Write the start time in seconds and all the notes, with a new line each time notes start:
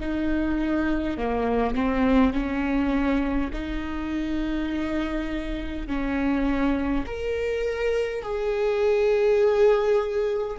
0.00 D#4
1.18 A#3
1.75 C4
2.34 C#4
3.53 D#4
5.87 C#4
7.07 A#4
8.22 G#4